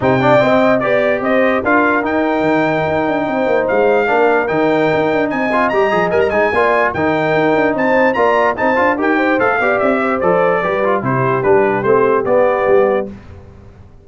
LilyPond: <<
  \new Staff \with { instrumentName = "trumpet" } { \time 4/4 \tempo 4 = 147 g''2 d''4 dis''4 | f''4 g''2.~ | g''4 f''2 g''4~ | g''4 gis''4 ais''4 gis''16 ais''16 gis''8~ |
gis''4 g''2 a''4 | ais''4 a''4 g''4 f''4 | e''4 d''2 c''4 | b'4 c''4 d''2 | }
  \new Staff \with { instrumentName = "horn" } { \time 4/4 c''8 d''8 dis''4 d''4 c''4 | ais'1 | c''2 ais'2~ | ais'4 dis''2. |
d''4 ais'2 c''4 | d''4 c''4 ais'8 c''4 d''8~ | d''8 c''4. b'4 g'4~ | g'1 | }
  \new Staff \with { instrumentName = "trombone" } { \time 4/4 dis'8 d'8 c'4 g'2 | f'4 dis'2.~ | dis'2 d'4 dis'4~ | dis'4. f'8 g'8 gis'8 ais'8 dis'8 |
f'4 dis'2. | f'4 dis'8 f'8 g'4 a'8 g'8~ | g'4 a'4 g'8 f'8 e'4 | d'4 c'4 b2 | }
  \new Staff \with { instrumentName = "tuba" } { \time 4/4 c4 c'4 b4 c'4 | d'4 dis'4 dis4 dis'8 d'8 | c'8 ais8 gis4 ais4 dis4 | dis'8 d'8 c'4 g8 f8 g8 gis8 |
ais4 dis4 dis'8 d'8 c'4 | ais4 c'8 d'8 dis'4 a8 b8 | c'4 f4 g4 c4 | g4 a4 b4 g4 | }
>>